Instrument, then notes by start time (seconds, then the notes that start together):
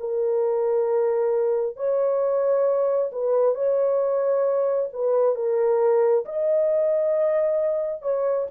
horn
0.00 A#4
1.77 C#5
3.12 B4
3.55 C#5
4.93 B4
5.35 A#4
6.25 D#5
8.02 C#5